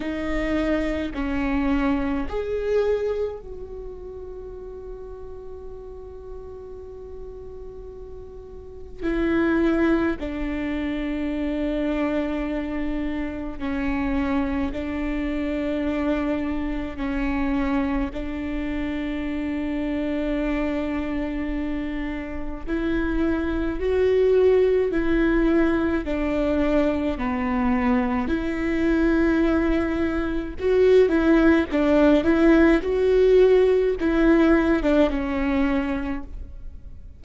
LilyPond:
\new Staff \with { instrumentName = "viola" } { \time 4/4 \tempo 4 = 53 dis'4 cis'4 gis'4 fis'4~ | fis'1 | e'4 d'2. | cis'4 d'2 cis'4 |
d'1 | e'4 fis'4 e'4 d'4 | b4 e'2 fis'8 e'8 | d'8 e'8 fis'4 e'8. d'16 cis'4 | }